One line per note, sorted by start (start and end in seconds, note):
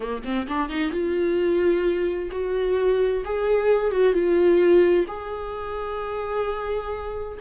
0.00 0.23 A#3
0.24 0.47 C4
0.48 0.69 D4
0.69 0.91 D#4
0.91 2.30 F4
2.31 3.23 F#4
3.24 3.91 G#4
3.91 4.13 F#4
4.13 5.05 F4
5.07 7.38 G#4